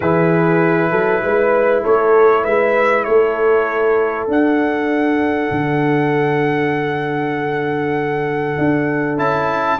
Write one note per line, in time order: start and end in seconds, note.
0.00 0.91 E3
0.00 4.29 E4
0.00 0.91 G#4
0.00 1.83 B4
0.91 1.22 F#3
0.91 1.21 A4
1.22 1.83 G#3
1.22 1.83 B4
1.83 2.45 A3
1.83 2.44 A4
1.83 2.44 C#5
2.44 3.06 G#3
2.44 3.05 B4
2.44 3.04 E5
3.04 4.27 A3
3.04 9.79 A4
3.04 4.26 C#5
4.27 5.49 D4
4.27 9.17 D4
4.27 9.18 F#5
5.51 8.57 D3
8.58 9.18 D4
9.17 9.79 C#4
9.17 9.78 E4
9.17 9.79 A5